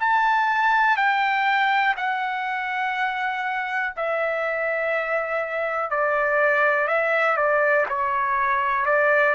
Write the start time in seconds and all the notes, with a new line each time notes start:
0.00 A5
0.97 G5
1.97 F#5
3.96 E5
5.90 D5
6.88 E5
7.37 D5
7.89 C#5
8.85 D5